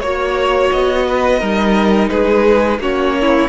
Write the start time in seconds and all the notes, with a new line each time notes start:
0.00 A#3 F#4 C#5
0.72 B3 D#5
1.08 B4
1.40 G3 D#4 A#4
2.09 G#3 G#4 B4
2.79 A#3 C#4 F#4 C#5
3.21 E4